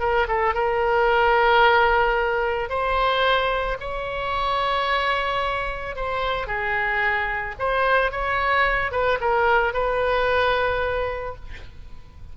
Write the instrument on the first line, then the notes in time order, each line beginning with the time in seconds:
oboe
0.00 A#4
0.28 A4
0.54 A#4
2.69 C5
3.80 C#5
5.96 C5
6.47 G#4
7.59 C5
8.12 C#5
8.91 B4
9.21 A#4
9.73 B4